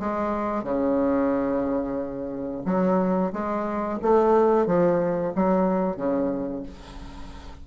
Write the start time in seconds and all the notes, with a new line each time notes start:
0.00 G#3
0.64 C#3
2.66 F#3
3.33 G#3
4.02 A3
4.67 F3
5.36 F#3
5.97 C#3